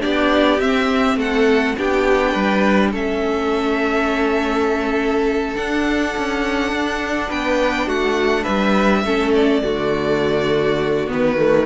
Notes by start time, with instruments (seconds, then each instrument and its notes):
0.00 cello B3, viola D4, violin G4 D5
0.60 cello C4, viola C4, violin E5
1.16 cello A3, violin A4 F#5
1.78 cello B3, viola D4, violin G4 G5
2.32 cello G3, violin B4
2.92 cello A3, viola C#4, violin A4 E5
5.56 viola D4, cello D4, violin F#5
6.17 cello C#4
6.72 cello D4
7.29 cello B3, violin B4 G5
7.86 cello A3, violin F#4 F#5
8.43 cello G3, violin B4 E5
9.04 cello A3, viola C#4, violin A4
9.35 violin D5
9.63 cello D3, viola A3, violin F#4
11.08 cello D#3, viola B3, violin B4
11.37 viola A3